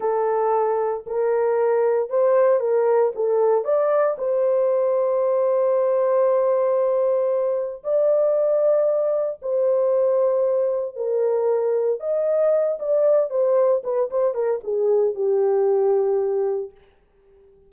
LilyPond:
\new Staff \with { instrumentName = "horn" } { \time 4/4 \tempo 4 = 115 a'2 ais'2 | c''4 ais'4 a'4 d''4 | c''1~ | c''2. d''4~ |
d''2 c''2~ | c''4 ais'2 dis''4~ | dis''8 d''4 c''4 b'8 c''8 ais'8 | gis'4 g'2. | }